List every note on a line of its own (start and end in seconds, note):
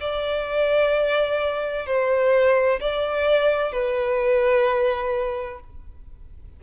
0.00 1.86 D5
1.86 2.80 C5
2.80 3.72 D5
3.72 5.60 B4